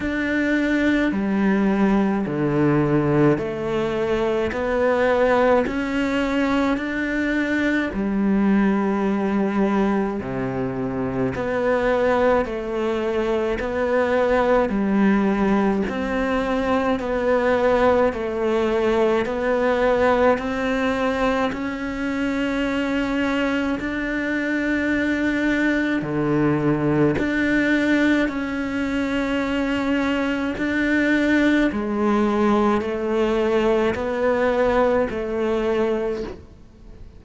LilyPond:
\new Staff \with { instrumentName = "cello" } { \time 4/4 \tempo 4 = 53 d'4 g4 d4 a4 | b4 cis'4 d'4 g4~ | g4 c4 b4 a4 | b4 g4 c'4 b4 |
a4 b4 c'4 cis'4~ | cis'4 d'2 d4 | d'4 cis'2 d'4 | gis4 a4 b4 a4 | }